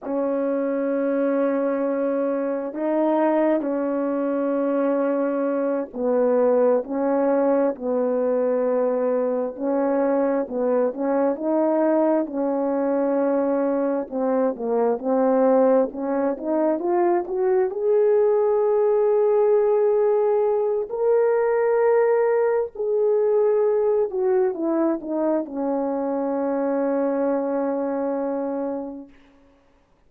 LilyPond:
\new Staff \with { instrumentName = "horn" } { \time 4/4 \tempo 4 = 66 cis'2. dis'4 | cis'2~ cis'8 b4 cis'8~ | cis'8 b2 cis'4 b8 | cis'8 dis'4 cis'2 c'8 |
ais8 c'4 cis'8 dis'8 f'8 fis'8 gis'8~ | gis'2. ais'4~ | ais'4 gis'4. fis'8 e'8 dis'8 | cis'1 | }